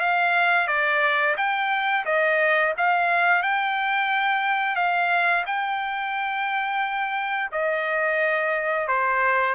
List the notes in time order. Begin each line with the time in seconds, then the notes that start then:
0.00 F5
0.67 D5
1.37 G5
2.05 D#5
2.77 F5
3.42 G5
4.76 F5
5.46 G5
7.51 D#5
8.88 C5